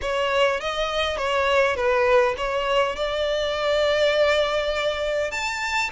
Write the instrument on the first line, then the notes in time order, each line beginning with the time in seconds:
violin
0.01 C#5
0.60 D#5
1.17 C#5
1.75 B4
2.37 C#5
2.96 D5
5.31 A5